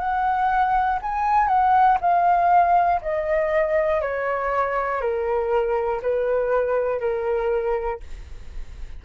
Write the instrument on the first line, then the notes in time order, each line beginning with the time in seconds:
flute
0.00 F#5
1.03 G#5
1.48 F#5
2.01 F5
3.02 D#5
4.01 C#5
5.01 A#4
6.03 B4
7.01 A#4